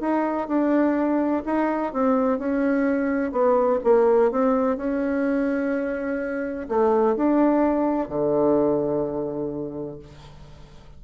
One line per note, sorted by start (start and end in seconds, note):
0.00 0.48 D#4
0.48 1.43 D4
1.45 1.93 D#4
1.93 2.39 C4
2.39 3.32 C#4
3.32 3.79 B3
3.84 4.31 A#3
4.31 4.77 C4
4.77 6.67 C#4
6.68 7.16 A3
7.16 8.08 D4
8.08 9.99 D3